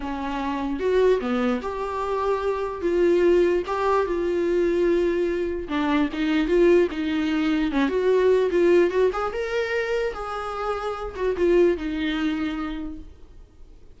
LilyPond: \new Staff \with { instrumentName = "viola" } { \time 4/4 \tempo 4 = 148 cis'2 fis'4 b4 | g'2. f'4~ | f'4 g'4 f'2~ | f'2 d'4 dis'4 |
f'4 dis'2 cis'8 fis'8~ | fis'4 f'4 fis'8 gis'8 ais'4~ | ais'4 gis'2~ gis'8 fis'8 | f'4 dis'2. | }